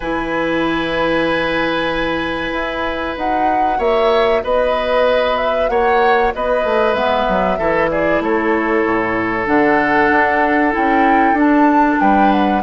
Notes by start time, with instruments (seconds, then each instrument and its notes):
0.00 bassoon E3, clarinet E4, oboe B4, flute G#5
2.52 bassoon E4
3.16 bassoon D#4, clarinet F#4, flute F#5
3.77 bassoon A#3, oboe C#5, flute E5
4.43 bassoon B3, oboe B4, flute D#5
5.37 flute E5
5.69 bassoon A#3, oboe C#5, flute F#5
6.34 bassoon B3, oboe B4, flute D#5
6.64 bassoon A3
6.93 bassoon G#3, clarinet B3, flute E5
7.28 bassoon F#3
7.58 bassoon E3, clarinet E4, oboe A4
7.90 oboe G#4, flute D5
8.20 bassoon A3, oboe A4, flute C#5
8.84 bassoon A2
9.46 bassoon D3, clarinet D4, flute F#5
10.10 bassoon D4
10.72 bassoon C#4, clarinet E4, flute G5
11.32 bassoon D4, clarinet D4
11.39 flute A5
12.00 bassoon G3, oboe B4, flute G5
12.32 flute F#5